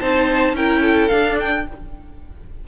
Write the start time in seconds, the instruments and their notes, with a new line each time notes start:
0.00 cello C4, viola D#4, violin C5 A5
0.53 cello C#4, viola E4, violin A#4 G5
0.82 violin A4
1.08 viola D4, cello D4, violin F5
1.40 violin G5